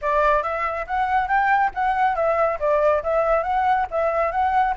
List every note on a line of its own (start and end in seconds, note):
0.01 0.42 D5
0.42 0.86 E5
0.87 1.27 F#5
1.27 1.71 G5
1.74 2.15 F#5
2.15 2.58 E5
2.59 3.03 D5
3.03 3.43 E5
3.43 3.86 F#5
3.91 4.31 E5
4.31 4.74 F#5